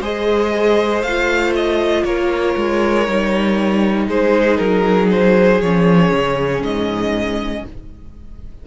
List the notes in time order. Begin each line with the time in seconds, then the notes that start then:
0.00 G#3 G#4 C5 D#5
1.02 A3 F5
1.08 F4
1.55 D#5
2.04 A#3 A#4 C#5
2.56 G#3
3.06 G3 D#4
4.07 G#3 G#4 C5
4.57 F#3 A#4
5.11 C5
5.61 F3 C#4 C#5
6.11 C#3
6.62 G#2 D#5